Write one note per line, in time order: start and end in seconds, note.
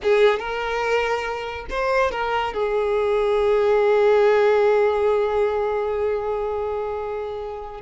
0.02 0.39 G#4
0.39 1.66 A#4
1.70 2.11 C5
2.11 2.53 A#4
2.53 7.81 G#4